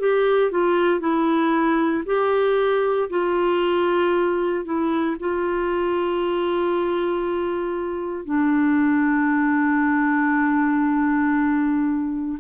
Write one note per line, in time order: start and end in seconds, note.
0.00 0.52 G4
0.52 1.01 F4
1.01 2.04 E4
2.06 3.09 G4
3.10 4.65 F4
4.65 5.17 E4
5.20 8.25 F4
8.25 12.39 D4